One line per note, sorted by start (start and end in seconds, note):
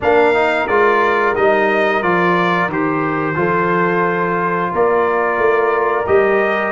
0.00 0.67 A#3
0.00 0.34 D4
0.00 3.38 A#4
0.00 0.67 F5
0.34 0.68 D#4
0.67 1.35 G#3
0.67 1.35 F4
0.67 1.34 D5
1.35 2.03 G3
1.35 2.02 D#4
1.35 2.02 D#5
2.02 2.68 F3
2.02 2.70 F4
2.02 2.69 D5
2.68 3.35 D#3
2.68 3.35 G4
2.68 4.74 C5
3.35 4.71 F3
3.35 6.04 F4
3.35 4.72 A4
4.72 5.37 A#3
4.72 6.71 A#4
4.72 6.06 D5
5.37 6.05 A3
6.06 6.71 G3
6.06 6.71 G4
6.06 6.71 D#5